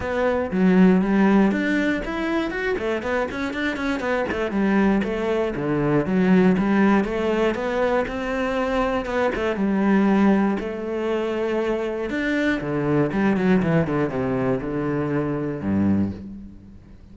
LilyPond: \new Staff \with { instrumentName = "cello" } { \time 4/4 \tempo 4 = 119 b4 fis4 g4 d'4 | e'4 fis'8 a8 b8 cis'8 d'8 cis'8 | b8 a8 g4 a4 d4 | fis4 g4 a4 b4 |
c'2 b8 a8 g4~ | g4 a2. | d'4 d4 g8 fis8 e8 d8 | c4 d2 g,4 | }